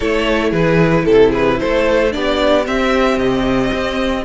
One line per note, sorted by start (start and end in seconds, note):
0.00 0.52 A3
0.00 2.11 E4
0.00 0.49 A4
0.00 0.53 C#5
0.49 1.05 E3
0.49 1.03 G#4
0.49 1.05 B4
1.04 1.59 C3
1.04 1.29 A4
1.04 1.32 A4
1.29 1.56 G#4
1.29 1.59 B4
1.59 2.14 A3
1.59 2.14 A4
1.59 2.12 C5
2.11 2.66 B3
2.11 2.64 D4
2.11 4.24 G4
2.11 2.65 D5
2.65 4.24 C4
2.65 3.17 C4
2.65 3.18 E5
3.17 3.70 C3
3.17 4.24 D#5
3.72 4.24 C4